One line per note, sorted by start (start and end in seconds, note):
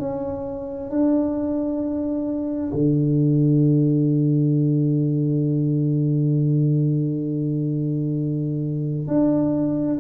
0.00 0.90 C#4
0.90 2.72 D4
2.73 9.08 D3
9.08 9.99 D4